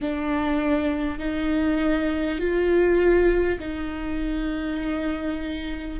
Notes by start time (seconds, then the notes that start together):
0.01 D4
1.18 D#4
2.38 F4
3.59 D#4